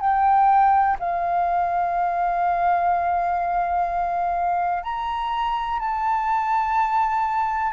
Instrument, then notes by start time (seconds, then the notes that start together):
flute
0.00 G5
0.99 F5
4.83 A#5
5.79 A5